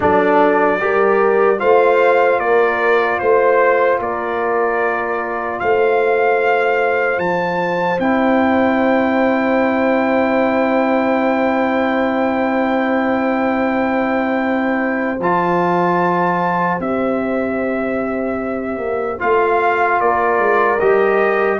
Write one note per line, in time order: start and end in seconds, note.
0.00 0.82 F#3
0.00 0.79 D4
0.00 0.80 A4
0.00 1.59 D5
0.79 1.61 G3
0.79 1.57 G4
0.79 1.59 A#4
1.57 2.38 A3
1.57 7.97 F4
1.57 2.39 C5
1.57 2.39 F5
2.38 3.18 A#3
2.38 3.19 A#4
2.38 3.19 D5
3.19 3.99 A3
3.19 3.99 C5
3.19 4.00 C5
3.99 5.58 A#3
3.99 5.60 A#4
3.99 5.59 D5
5.59 7.18 A3
5.59 20.00 C5
5.59 7.19 F5
7.18 7.98 F3
7.18 7.99 A5
7.98 15.19 C4
7.98 15.18 E4
7.98 15.19 G5
15.19 16.79 F3
15.19 16.79 F4
15.19 16.80 A5
16.79 18.78 C4
16.79 19.19 G4
16.79 19.20 E5
18.78 19.18 A#3
19.19 20.00 A3
19.19 20.79 F4
19.19 20.00 F5
20.00 20.38 A#3
20.00 21.59 A#4
20.00 20.79 D5
20.38 20.78 G#3
20.79 21.59 G3
20.79 21.59 G4
20.79 21.59 D#5